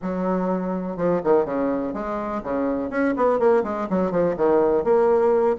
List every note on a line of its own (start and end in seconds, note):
0.02 0.96 F#3
0.96 1.21 F3
1.23 1.45 D#3
1.45 1.93 C#3
1.93 2.41 G#3
2.43 2.90 C#3
2.90 3.14 C#4
3.16 3.39 B3
3.39 3.63 A#3
3.63 3.88 G#3
3.89 4.11 F#3
4.11 4.35 F3
4.37 4.83 D#3
4.83 5.56 A#3